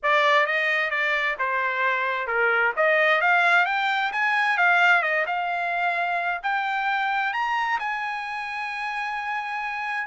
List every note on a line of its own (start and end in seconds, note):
0.02 0.46 D5
0.46 0.90 D#5
0.90 1.36 D5
1.38 2.27 C5
2.27 2.73 A#4
2.76 3.21 D#5
3.21 3.65 F5
3.65 4.11 G5
4.12 4.57 G#5
4.57 5.02 F5
5.02 5.25 D#5
5.26 6.40 F5
6.42 7.33 G5
7.33 7.79 A#5
7.79 10.07 G#5